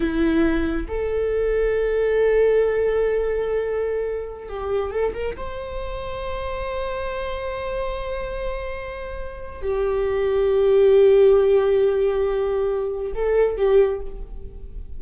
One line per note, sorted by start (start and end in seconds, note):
0.00 0.87 E4
0.88 4.48 A4
4.48 4.90 G4
4.90 5.12 A4
5.14 5.35 A#4
5.36 9.62 C5
9.62 13.12 G4
13.15 13.56 A4
13.56 14.00 G4